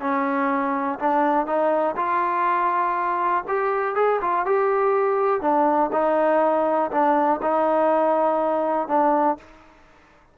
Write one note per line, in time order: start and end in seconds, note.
0.00 0.98 C#4
0.99 1.46 D4
1.46 1.95 D#4
1.96 3.44 F4
3.48 3.95 G4
3.95 4.20 G#4
4.21 4.45 F4
4.45 5.41 G4
5.41 5.90 D4
5.92 6.90 D#4
6.91 7.40 D4
7.42 8.88 D#4
8.88 9.37 D4